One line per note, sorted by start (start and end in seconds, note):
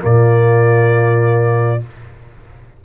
0.00 1.84 A#2
0.00 1.79 A#3
0.00 1.85 F4
0.00 1.84 D5